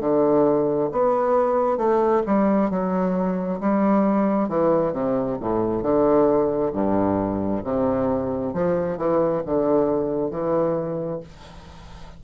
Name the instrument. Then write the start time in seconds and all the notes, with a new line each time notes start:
bassoon
0.00 D3
0.92 B3
1.77 A3
2.26 G3
2.70 F#3
3.59 G3
4.48 E3
4.92 C3
5.40 A2
5.82 D3
6.72 G2
7.64 C3
8.53 F3
8.97 E3
9.46 D3
10.30 E3